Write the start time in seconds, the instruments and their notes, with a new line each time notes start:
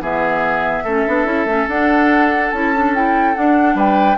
0.00 bassoon E3, clarinet B3, oboe G#4, flute E5
0.84 bassoon A3, clarinet C#4, oboe A4
1.07 bassoon B3, clarinet D4
1.26 bassoon C#4, clarinet E4
1.45 bassoon A3, clarinet C#4
1.68 bassoon D4, clarinet D4, flute F#5
2.51 bassoon C#4, clarinet E4, flute A5
2.75 clarinet D4
2.95 clarinet E4, flute G5
3.34 clarinet D4, bassoon D4, flute F#5
3.75 bassoon G3, oboe B4, flute G5